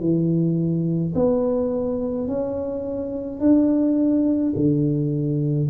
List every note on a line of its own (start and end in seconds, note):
0.00 1.13 E3
1.15 2.28 B3
2.28 3.40 C#4
3.40 4.53 D4
4.56 5.69 D3